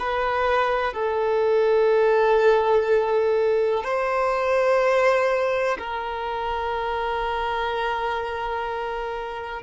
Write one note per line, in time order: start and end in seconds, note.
0.00 0.94 B4
0.94 3.84 A4
3.84 5.78 C5
5.79 9.63 A#4